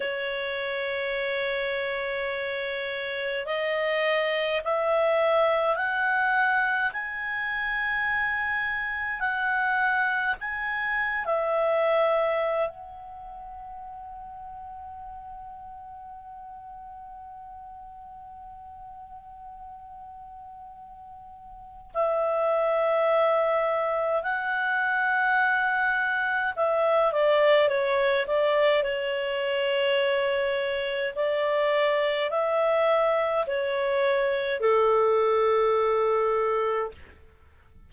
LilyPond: \new Staff \with { instrumentName = "clarinet" } { \time 4/4 \tempo 4 = 52 cis''2. dis''4 | e''4 fis''4 gis''2 | fis''4 gis''8. e''4~ e''16 fis''4~ | fis''1~ |
fis''2. e''4~ | e''4 fis''2 e''8 d''8 | cis''8 d''8 cis''2 d''4 | e''4 cis''4 a'2 | }